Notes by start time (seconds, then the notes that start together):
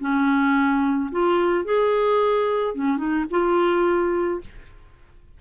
0.00 C#4
1.11 F4
1.64 G#4
2.74 C#4
2.97 D#4
3.30 F4